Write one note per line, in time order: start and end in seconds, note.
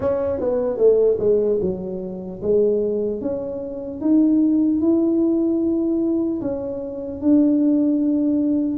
0.00 0.40 C#4
0.40 0.77 B3
0.77 1.17 A3
1.19 1.59 G#3
1.61 2.41 F#3
2.41 3.21 G#3
3.21 4.00 C#4
4.00 4.80 D#4
4.80 6.40 E4
6.41 7.21 C#4
7.21 8.77 D4